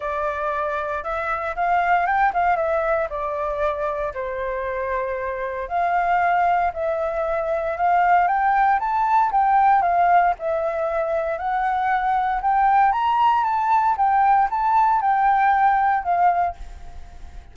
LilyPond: \new Staff \with { instrumentName = "flute" } { \time 4/4 \tempo 4 = 116 d''2 e''4 f''4 | g''8 f''8 e''4 d''2 | c''2. f''4~ | f''4 e''2 f''4 |
g''4 a''4 g''4 f''4 | e''2 fis''2 | g''4 ais''4 a''4 g''4 | a''4 g''2 f''4 | }